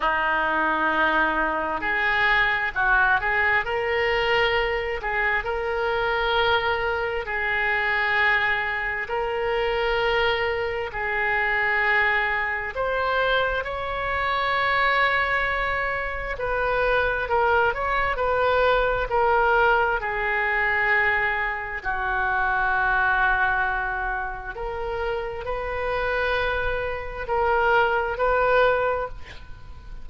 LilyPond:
\new Staff \with { instrumentName = "oboe" } { \time 4/4 \tempo 4 = 66 dis'2 gis'4 fis'8 gis'8 | ais'4. gis'8 ais'2 | gis'2 ais'2 | gis'2 c''4 cis''4~ |
cis''2 b'4 ais'8 cis''8 | b'4 ais'4 gis'2 | fis'2. ais'4 | b'2 ais'4 b'4 | }